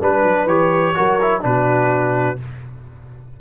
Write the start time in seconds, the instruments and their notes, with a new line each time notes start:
0.00 tuba G3, trombone D4, horn B4, trumpet B4
0.23 tuba F#3
0.45 tuba E3, trombone G4, trumpet C#5
0.95 tuba F#3, trombone F#4, horn A#4
1.22 trombone E4
1.41 tuba B2, trombone D4, horn F#4, trumpet B4